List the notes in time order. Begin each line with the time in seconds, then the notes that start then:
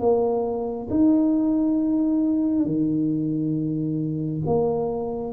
0.00 A#3
0.90 D#4
2.66 D#3
4.46 A#3